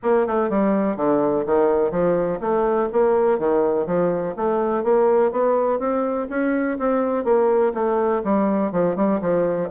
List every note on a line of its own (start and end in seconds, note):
0.02 0.27 A#3
0.27 0.49 A3
0.49 0.96 G3
0.96 1.44 D3
1.46 1.91 D#3
1.91 2.39 F3
2.40 2.88 A3
2.92 3.38 A#3
3.38 3.86 D#3
3.86 4.35 F3
4.36 4.83 A3
4.83 5.31 A#3
5.31 5.79 B3
5.79 6.27 C4
6.29 6.77 C#4
6.78 7.24 C4
7.24 7.73 A#3
7.74 8.22 A3
8.24 8.72 G3
8.72 8.96 F3
8.96 9.20 G3
9.21 9.69 F3